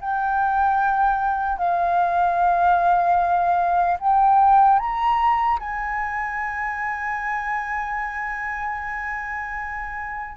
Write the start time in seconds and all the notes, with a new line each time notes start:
0.00 G5
1.58 F5
3.99 G5
4.79 A#5
5.59 G#5